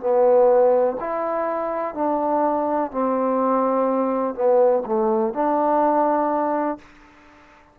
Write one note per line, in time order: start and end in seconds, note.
0.00 0.97 B3
1.00 1.94 E4
1.94 2.91 D4
2.91 4.35 C4
4.35 4.83 B3
4.86 5.34 A3
5.34 6.79 D4